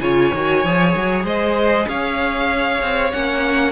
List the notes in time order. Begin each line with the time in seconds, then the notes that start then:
0.00 C#3 F4 C#5 G#5
0.34 D#3 F#4
0.64 F3 G#4
0.96 F#3
1.24 G#3 C5 D#5
1.88 C#4 C#5 F5
2.81 C4
3.11 A#3 C#4 F#5